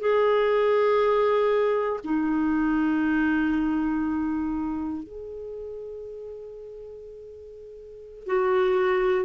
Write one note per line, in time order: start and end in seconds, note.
0.00 2.00 G#4
2.04 5.04 D#4
5.04 8.26 G#4
8.26 9.25 F#4